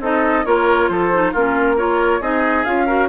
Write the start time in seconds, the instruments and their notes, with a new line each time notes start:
0.00 bassoon C4, clarinet D#4, oboe A4, flute D#5
0.45 bassoon A#3, clarinet F4, oboe A#4, flute C#5
0.89 bassoon F3, oboe A4, flute C5
1.13 clarinet D#4
1.32 bassoon A#3, clarinet C#4, oboe F4, flute A#4
1.76 clarinet F4, oboe A#4, flute C#5
2.21 bassoon C4, clarinet D#4, oboe G#4, flute D#5
2.64 bassoon C#4, clarinet F4, flute F5
2.86 clarinet F#4, oboe A#4